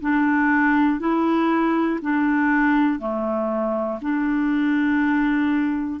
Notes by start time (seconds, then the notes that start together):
0.00 D4
0.99 E4
2.01 D4
2.99 A3
4.01 D4